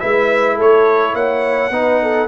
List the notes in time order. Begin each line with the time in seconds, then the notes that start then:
0.00 G#3 E4 B4 E5
0.56 A3 A4 C#5
1.14 A#3 C#5 F#5
1.70 B3 D#4 B4
2.02 A4